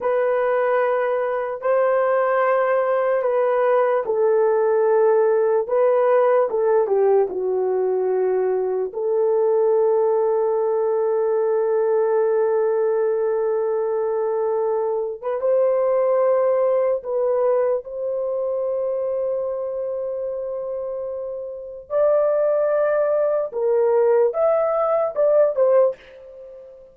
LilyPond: \new Staff \with { instrumentName = "horn" } { \time 4/4 \tempo 4 = 74 b'2 c''2 | b'4 a'2 b'4 | a'8 g'8 fis'2 a'4~ | a'1~ |
a'2~ a'8. b'16 c''4~ | c''4 b'4 c''2~ | c''2. d''4~ | d''4 ais'4 e''4 d''8 c''8 | }